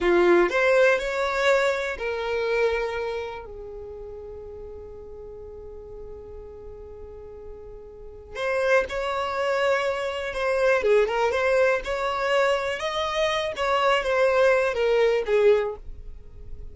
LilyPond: \new Staff \with { instrumentName = "violin" } { \time 4/4 \tempo 4 = 122 f'4 c''4 cis''2 | ais'2. gis'4~ | gis'1~ | gis'1~ |
gis'4 c''4 cis''2~ | cis''4 c''4 gis'8 ais'8 c''4 | cis''2 dis''4. cis''8~ | cis''8 c''4. ais'4 gis'4 | }